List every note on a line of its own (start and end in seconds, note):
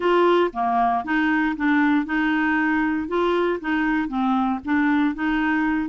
0.00 0.50 F4
0.53 1.04 A#3
1.04 1.55 D#4
1.56 2.05 D4
2.05 3.08 D#4
3.08 3.59 F4
3.60 4.08 D#4
4.08 4.59 C4
4.64 5.14 D4
5.14 5.89 D#4